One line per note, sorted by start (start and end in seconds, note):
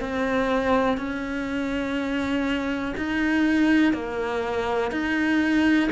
0.00 0.97 C4
0.97 2.94 C#4
2.97 3.93 D#4
3.93 4.91 A#3
4.91 5.89 D#4